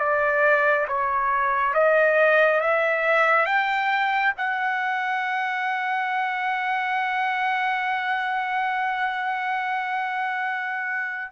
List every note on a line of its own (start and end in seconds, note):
0.00 0.87 D5
0.88 1.74 C#5
1.74 2.61 D#5
2.61 3.46 E5
3.46 4.33 G5
4.38 11.32 F#5